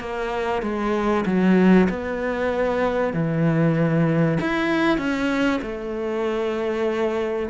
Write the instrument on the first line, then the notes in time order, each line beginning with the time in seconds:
cello
0.00 A#3
0.62 G#3
1.26 F#3
1.90 B3
3.14 E3
4.41 E4
4.98 C#4
5.62 A3